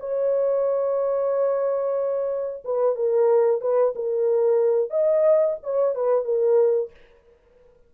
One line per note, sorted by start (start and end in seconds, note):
0.00 2.64 C#5
2.65 2.96 B4
2.96 3.61 A#4
3.61 3.94 B4
3.96 4.91 A#4
4.91 5.57 D#5
5.63 5.96 C#5
5.96 6.25 B4
6.25 6.91 A#4